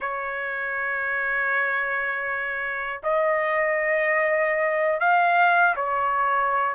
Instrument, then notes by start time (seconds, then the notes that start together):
trumpet
0.00 C#5
3.03 D#5
5.00 F5
5.75 C#5